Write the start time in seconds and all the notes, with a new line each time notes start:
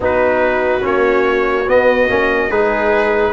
0.00 B3 D#4 F#4 B4
0.81 A#3 C#4 C#5
1.67 B3 D#5
2.08 A#3 C#4
2.48 G#3 D#4 G#4 B4